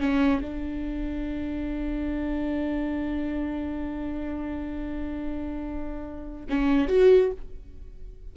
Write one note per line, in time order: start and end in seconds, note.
0.00 0.41 C#4
0.41 6.46 D4
6.49 6.88 C#4
6.88 7.31 F#4